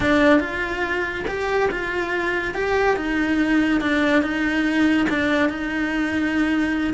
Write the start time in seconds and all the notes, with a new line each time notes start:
0.00 D4
0.40 F4
1.27 G4
1.71 F4
2.54 G4
2.96 D#4
3.80 D4
4.22 D#4
5.09 D4
5.49 D#4